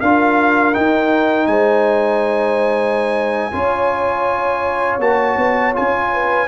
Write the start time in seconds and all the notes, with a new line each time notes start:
0.00 D4 F4 A#4 F5
0.73 D#4 G5
1.47 G#3 C5 G#5
3.52 C#4 F4 C#5
4.99 A#3 F#4 A5
5.37 B3
5.73 C#4 F4 G#5
6.13 B4